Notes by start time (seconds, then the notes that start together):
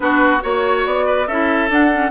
0.00 B3 D4 F#4 B4
0.41 A#3 F#4 C#5
0.85 B3 D5
1.06 B4
1.26 C#4 E4 A4 E5
1.69 D4 F#5
1.93 C#4